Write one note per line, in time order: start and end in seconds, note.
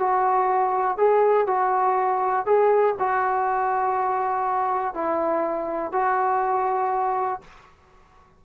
0.00 0.98 F#4
0.98 1.48 G#4
1.48 2.46 F#4
2.46 2.96 G#4
3.00 4.95 F#4
4.95 5.93 E4
5.93 7.41 F#4